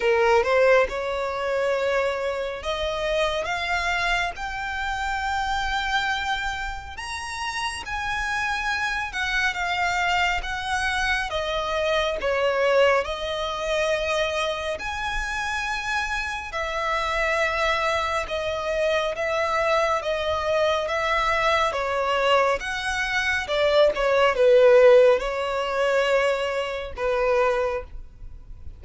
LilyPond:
\new Staff \with { instrumentName = "violin" } { \time 4/4 \tempo 4 = 69 ais'8 c''8 cis''2 dis''4 | f''4 g''2. | ais''4 gis''4. fis''8 f''4 | fis''4 dis''4 cis''4 dis''4~ |
dis''4 gis''2 e''4~ | e''4 dis''4 e''4 dis''4 | e''4 cis''4 fis''4 d''8 cis''8 | b'4 cis''2 b'4 | }